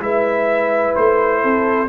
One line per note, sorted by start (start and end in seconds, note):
0.00 0.94 G#3
0.00 1.88 E4
0.00 1.43 B4
0.00 0.96 E5
0.96 1.44 A3
0.96 1.89 C5
1.43 1.89 C4
1.43 1.89 A4